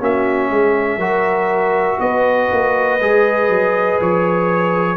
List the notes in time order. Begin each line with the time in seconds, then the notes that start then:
0.00 A#3 C#4 F#4 E5
0.50 G#3 G#4
0.97 F#3 F#4 A#4
1.99 B3 B4 D#5
2.52 A#3
3.00 G#3 G#4
3.49 F#3
4.00 F3 C#5